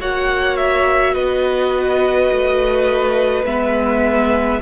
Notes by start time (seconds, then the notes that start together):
0.00 A#3 F#4 C#5 F#5
0.56 E5
1.14 B3 B4 D#5
2.31 A3
3.44 G#3 B3 E5